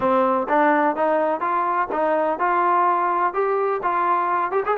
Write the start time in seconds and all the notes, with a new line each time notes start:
0.00 C4
0.48 D4
0.96 D#4
1.40 F4
1.92 D#4
2.39 F4
3.33 G4
3.82 F4
4.51 G4
4.65 G#4